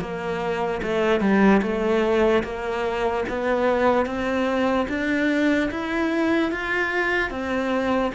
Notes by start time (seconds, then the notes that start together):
0.00 A#3
0.82 A3
1.21 G3
1.62 A3
2.43 A#3
3.28 B3
4.06 C4
4.89 D4
5.71 E4
6.52 F4
7.30 C4